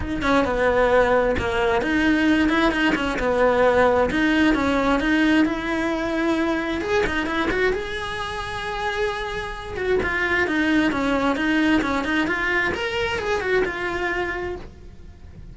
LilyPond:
\new Staff \with { instrumentName = "cello" } { \time 4/4 \tempo 4 = 132 dis'8 cis'8 b2 ais4 | dis'4. e'8 dis'8 cis'8 b4~ | b4 dis'4 cis'4 dis'4 | e'2. gis'8 dis'8 |
e'8 fis'8 gis'2.~ | gis'4. fis'8 f'4 dis'4 | cis'4 dis'4 cis'8 dis'8 f'4 | ais'4 gis'8 fis'8 f'2 | }